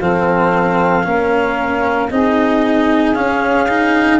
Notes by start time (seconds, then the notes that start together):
0.00 F3 C4 A4 F5
1.04 A#3 C#4 A#4
2.11 C4 D#4 G#4 D#5
3.14 C#4 F5
3.69 D#4